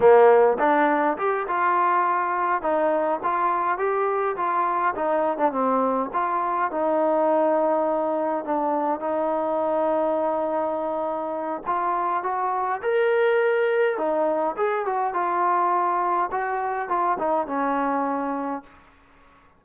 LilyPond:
\new Staff \with { instrumentName = "trombone" } { \time 4/4 \tempo 4 = 103 ais4 d'4 g'8 f'4.~ | f'8 dis'4 f'4 g'4 f'8~ | f'8 dis'8. d'16 c'4 f'4 dis'8~ | dis'2~ dis'8 d'4 dis'8~ |
dis'1 | f'4 fis'4 ais'2 | dis'4 gis'8 fis'8 f'2 | fis'4 f'8 dis'8 cis'2 | }